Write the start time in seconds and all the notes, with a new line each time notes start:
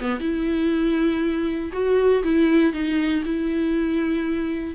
0.00 B3
0.19 E4
1.72 F#4
2.23 E4
2.73 D#4
3.25 E4